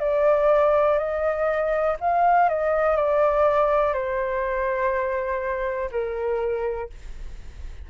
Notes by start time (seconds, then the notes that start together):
0.00 D5
0.98 D#5
2.00 F5
2.49 D#5
2.96 D5
3.93 C5
5.92 A#4